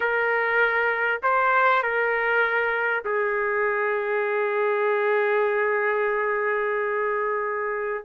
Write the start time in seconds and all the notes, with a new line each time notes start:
0.00 A#4
1.22 C5
1.83 A#4
3.04 G#4